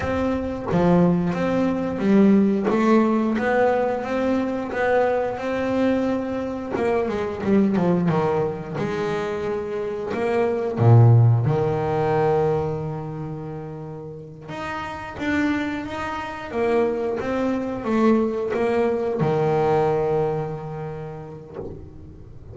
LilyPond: \new Staff \with { instrumentName = "double bass" } { \time 4/4 \tempo 4 = 89 c'4 f4 c'4 g4 | a4 b4 c'4 b4 | c'2 ais8 gis8 g8 f8 | dis4 gis2 ais4 |
ais,4 dis2.~ | dis4. dis'4 d'4 dis'8~ | dis'8 ais4 c'4 a4 ais8~ | ais8 dis2.~ dis8 | }